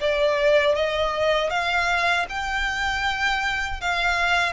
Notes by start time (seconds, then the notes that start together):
0.00 D5
0.75 D#5
1.49 F5
2.29 G5
3.80 F5